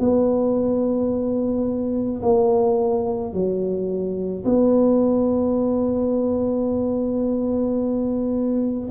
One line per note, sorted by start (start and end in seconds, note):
0.00 2.22 B3
2.23 3.34 A#3
3.34 4.45 F#3
4.45 8.89 B3